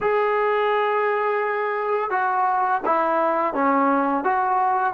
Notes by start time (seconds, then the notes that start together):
0.01 G#4
2.10 F#4
2.85 E4
3.54 C#4
4.24 F#4